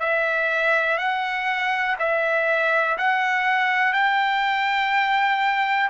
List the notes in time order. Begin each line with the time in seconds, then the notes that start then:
0.00 E5
0.98 F#5
1.99 E5
2.98 F#5
3.93 G5